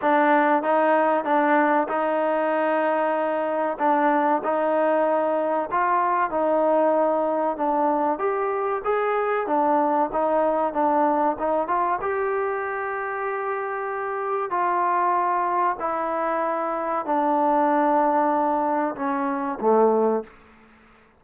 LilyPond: \new Staff \with { instrumentName = "trombone" } { \time 4/4 \tempo 4 = 95 d'4 dis'4 d'4 dis'4~ | dis'2 d'4 dis'4~ | dis'4 f'4 dis'2 | d'4 g'4 gis'4 d'4 |
dis'4 d'4 dis'8 f'8 g'4~ | g'2. f'4~ | f'4 e'2 d'4~ | d'2 cis'4 a4 | }